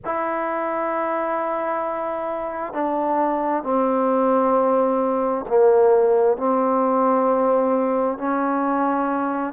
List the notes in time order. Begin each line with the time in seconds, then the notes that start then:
0.05 E4
2.73 D4
3.63 C4
5.48 A#3
6.37 C4
8.18 C#4